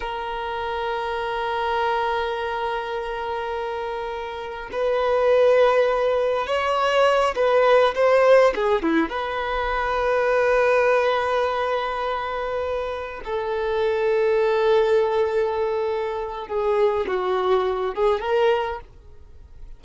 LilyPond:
\new Staff \with { instrumentName = "violin" } { \time 4/4 \tempo 4 = 102 ais'1~ | ais'1 | b'2. cis''4~ | cis''8 b'4 c''4 gis'8 e'8 b'8~ |
b'1~ | b'2~ b'8 a'4.~ | a'1 | gis'4 fis'4. gis'8 ais'4 | }